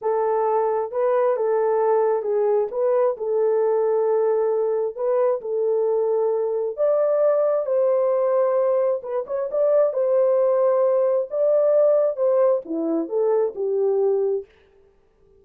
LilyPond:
\new Staff \with { instrumentName = "horn" } { \time 4/4 \tempo 4 = 133 a'2 b'4 a'4~ | a'4 gis'4 b'4 a'4~ | a'2. b'4 | a'2. d''4~ |
d''4 c''2. | b'8 cis''8 d''4 c''2~ | c''4 d''2 c''4 | e'4 a'4 g'2 | }